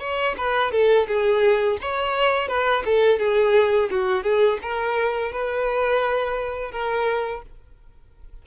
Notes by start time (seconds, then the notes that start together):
0.00 C#5
0.38 B4
0.72 A4
1.08 G#4
1.82 C#5
2.48 B4
2.85 A4
3.19 G#4
3.90 F#4
4.24 G#4
4.62 A#4
5.32 B4
6.72 A#4